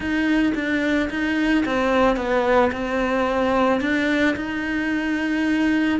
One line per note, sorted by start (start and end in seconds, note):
0.00 0.52 D#4
0.54 1.09 D4
1.09 1.64 D#4
1.65 2.16 C4
2.16 2.70 B3
2.71 3.80 C4
3.80 4.35 D4
4.35 5.99 D#4